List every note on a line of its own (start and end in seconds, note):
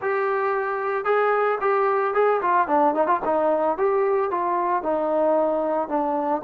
0.01 1.04 G4
1.04 1.58 G#4
1.60 2.14 G4
2.14 2.40 G#4
2.41 2.67 F4
2.67 2.94 D4
2.94 3.06 D#4
3.06 3.20 F4
3.24 3.77 D#4
3.77 4.30 G4
4.30 4.82 F4
4.82 5.88 D#4
5.88 6.41 D4